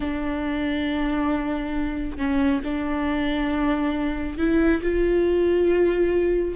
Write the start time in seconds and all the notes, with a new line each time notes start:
0.00 D4
2.17 C#4
2.64 D4
4.38 E4
4.82 F4